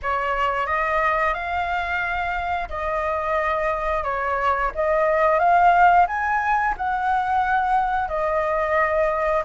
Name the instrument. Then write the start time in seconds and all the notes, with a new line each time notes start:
flute
0.02 C#5
0.66 D#5
1.33 F5
2.69 D#5
4.03 C#5
4.74 D#5
5.39 F5
6.07 G#5
6.77 F#5
8.08 D#5